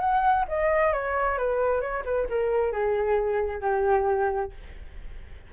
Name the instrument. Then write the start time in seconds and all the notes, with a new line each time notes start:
flute
0.00 F#5
0.49 D#5
0.93 C#5
1.38 B4
1.81 C#5
2.05 B4
2.30 A#4
2.73 G#4
3.61 G4